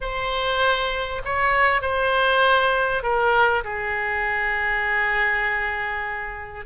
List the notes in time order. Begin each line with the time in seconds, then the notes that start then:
0.01 C5
1.25 C#5
1.81 C5
3.02 A#4
3.64 G#4